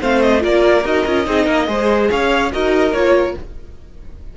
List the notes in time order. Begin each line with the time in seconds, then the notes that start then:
0.00 A3 C4 C5 F5
0.21 D#5
0.40 A#3 F4 A#4 D5
0.85 D#4 F#4 D#5
1.06 C#4 F4
1.25 C4 D#4 G#4
1.44 A#3 A#4
1.67 G#3 G#4 C5
2.10 C#4 C#5 F5
2.52 D#4 F#4 A#4 D#5
2.92 A#3 F4 C#5